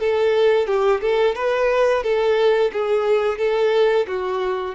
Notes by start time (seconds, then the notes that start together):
0.00 A4
0.67 G4
1.01 A4
1.35 B4
2.03 A4
2.73 G#4
3.38 A4
4.08 F#4